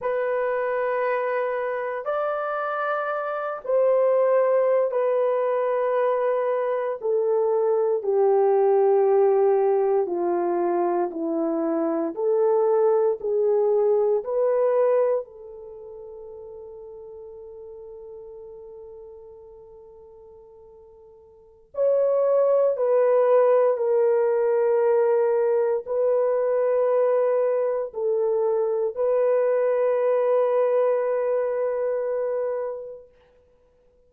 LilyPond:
\new Staff \with { instrumentName = "horn" } { \time 4/4 \tempo 4 = 58 b'2 d''4. c''8~ | c''8. b'2 a'4 g'16~ | g'4.~ g'16 f'4 e'4 a'16~ | a'8. gis'4 b'4 a'4~ a'16~ |
a'1~ | a'4 cis''4 b'4 ais'4~ | ais'4 b'2 a'4 | b'1 | }